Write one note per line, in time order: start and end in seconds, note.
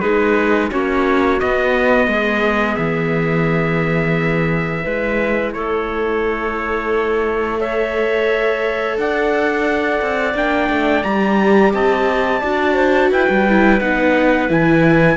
0.00 0.71 G#3
0.00 0.71 D#4
0.00 0.70 G#4
0.00 0.69 B4
0.70 1.41 A#3
0.70 1.40 C#4
0.70 2.08 F#4
0.70 1.40 C#5
1.40 4.84 B3
1.40 2.07 B3
1.40 2.76 D#5
2.07 2.76 G#3
2.07 4.83 G#4
2.76 4.85 E3
2.76 5.52 E5
4.83 5.54 G#3
4.83 7.58 E4
4.83 5.52 B4
5.53 8.97 A3
5.53 7.60 A4
5.53 7.60 C#5
7.58 10.34 A4
7.58 8.98 C#5
7.58 8.98 E5
8.97 10.01 D4
8.97 11.74 D5
8.97 10.37 F#5
10.02 10.34 C4
10.34 10.69 A#3
10.34 11.04 D4
10.34 11.03 G5
10.70 11.04 A3
11.03 11.74 G3
11.03 12.42 G4
11.03 11.72 A#5
11.74 12.43 C4
11.74 12.40 D#5
11.74 13.12 A5
12.40 13.11 D4
12.40 13.47 F#4
12.40 12.74 D5
12.74 13.09 C5
13.11 13.28 E4
13.11 15.17 B4
13.11 13.81 G5
13.29 13.81 G3
13.49 13.81 E4
13.81 14.49 B3
13.81 14.48 D#4
13.81 14.50 F#5
14.48 15.17 E3
14.48 15.17 E4
14.48 15.17 G#5